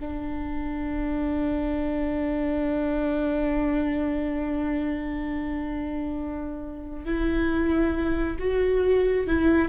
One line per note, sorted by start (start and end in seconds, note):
0.00 7.05 D4
7.05 8.38 E4
8.39 9.27 F#4
9.27 9.69 E4